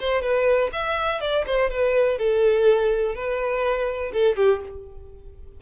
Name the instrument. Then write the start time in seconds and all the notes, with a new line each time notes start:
violin
0.00 C5
0.22 B4
0.73 E5
1.21 D5
1.46 C5
1.70 B4
2.18 A4
3.15 B4
4.13 A4
4.37 G4